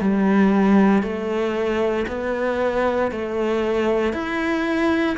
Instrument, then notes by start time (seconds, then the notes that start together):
cello
0.00 G3
1.02 A3
2.07 B3
3.11 A3
4.13 E4